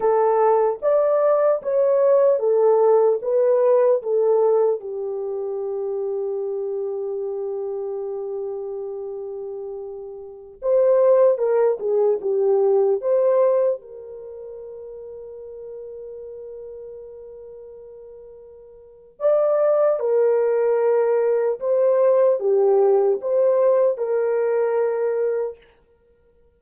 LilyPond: \new Staff \with { instrumentName = "horn" } { \time 4/4 \tempo 4 = 75 a'4 d''4 cis''4 a'4 | b'4 a'4 g'2~ | g'1~ | g'4~ g'16 c''4 ais'8 gis'8 g'8.~ |
g'16 c''4 ais'2~ ais'8.~ | ais'1 | d''4 ais'2 c''4 | g'4 c''4 ais'2 | }